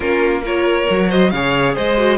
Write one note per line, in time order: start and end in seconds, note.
0.00 0.87 A#3
0.00 0.43 C#4
0.00 0.41 F4
0.00 0.43 A#4
0.43 0.88 F4
0.43 1.08 A#4
0.43 1.11 C#5
0.89 1.32 F#3
0.89 1.34 F#4
1.08 1.30 C5
1.08 1.30 D#5
1.30 1.76 C#3
1.30 1.97 G#4
1.30 1.74 C#5
1.30 1.74 F5
1.74 2.17 G#3
1.74 2.17 C5
1.74 2.17 D#5
1.97 2.17 F#4